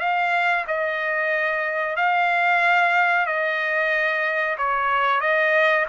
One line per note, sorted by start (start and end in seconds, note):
0.00 0.65 F5
0.68 1.97 D#5
1.97 3.27 F5
3.27 4.57 D#5
4.58 5.21 C#5
5.21 5.86 D#5